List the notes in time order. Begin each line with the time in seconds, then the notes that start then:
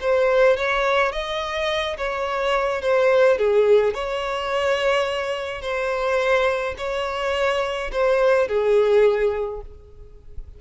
0.00 C5
0.57 C#5
1.12 D#5
1.97 C#5
2.81 C5
3.38 G#4
3.94 C#5
5.61 C5
6.77 C#5
7.92 C5
8.48 G#4